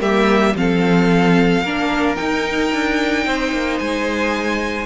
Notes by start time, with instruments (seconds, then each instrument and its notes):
0.00 cello G3, viola A#3, violin G4 E5
0.56 cello F3, viola C4, violin A4 F5
1.63 cello A#3, viola D4, violin A#4
2.16 viola D#4, cello D#4, violin G5
2.73 cello D4
3.26 cello C4, violin C5
3.53 cello A#3
3.79 cello G#3, violin G#5